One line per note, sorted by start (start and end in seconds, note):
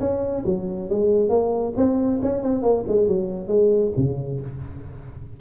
0.00 0.44 C#4
0.46 0.89 F#3
0.89 1.29 G#3
1.29 1.73 A#3
1.76 2.20 C4
2.22 2.42 C#4
2.42 2.62 C4
2.62 2.84 A#3
2.87 3.08 G#3
3.08 3.48 F#3
3.48 3.91 G#3
3.97 4.40 C#3